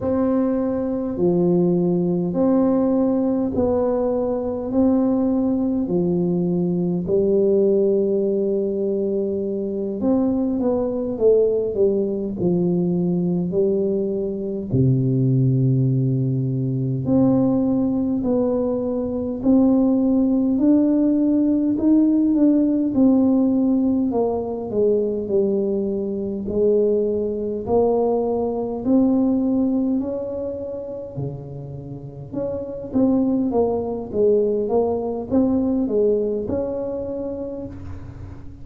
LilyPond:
\new Staff \with { instrumentName = "tuba" } { \time 4/4 \tempo 4 = 51 c'4 f4 c'4 b4 | c'4 f4 g2~ | g8 c'8 b8 a8 g8 f4 g8~ | g8 c2 c'4 b8~ |
b8 c'4 d'4 dis'8 d'8 c'8~ | c'8 ais8 gis8 g4 gis4 ais8~ | ais8 c'4 cis'4 cis4 cis'8 | c'8 ais8 gis8 ais8 c'8 gis8 cis'4 | }